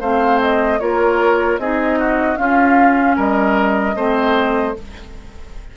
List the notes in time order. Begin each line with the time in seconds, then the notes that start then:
0.00 A3 C4 C5 F5
0.41 D#5
0.80 A#3 F4 A#4 C#5
1.58 C4 D#4 G#4 D#5
1.99 F#4
2.37 C#4 F4 F5
3.16 G3 A#4 D#5
3.95 A3 C4 C5